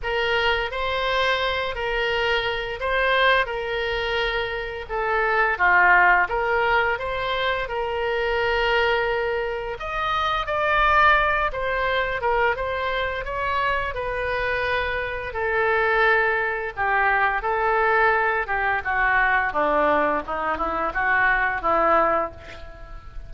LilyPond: \new Staff \with { instrumentName = "oboe" } { \time 4/4 \tempo 4 = 86 ais'4 c''4. ais'4. | c''4 ais'2 a'4 | f'4 ais'4 c''4 ais'4~ | ais'2 dis''4 d''4~ |
d''8 c''4 ais'8 c''4 cis''4 | b'2 a'2 | g'4 a'4. g'8 fis'4 | d'4 dis'8 e'8 fis'4 e'4 | }